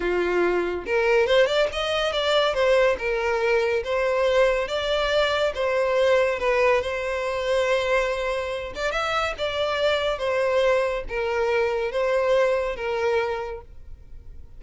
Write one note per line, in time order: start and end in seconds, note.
0.00 0.85 F4
0.85 1.26 A#4
1.26 1.46 C5
1.46 1.67 D5
1.72 2.12 D#5
2.12 2.53 D5
2.53 2.96 C5
2.98 3.83 A#4
3.84 4.68 C5
4.68 5.53 D5
5.54 6.39 C5
6.39 6.81 B4
6.81 8.73 C5
8.75 8.91 D5
8.91 9.34 E5
9.38 10.18 D5
10.18 11.03 C5
11.09 11.91 A#4
11.91 12.76 C5
12.76 13.61 A#4